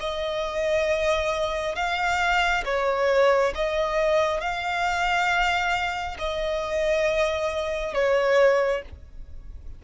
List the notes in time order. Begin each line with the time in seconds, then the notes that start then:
0.00 D#5
1.76 F5
2.65 C#5
3.55 D#5
4.41 F5
6.19 D#5
7.94 C#5